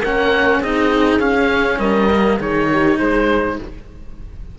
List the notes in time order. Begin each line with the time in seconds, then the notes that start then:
0.00 A#3 C#4 A#4 F#5
0.60 C4 D#4 G#4 D#5
1.19 C#4 F5
1.78 G3 A#4 D#5
2.11 A#3
2.40 D#3 D#4 G#4 C#5
2.72 G4
2.98 G#3 G#4 C5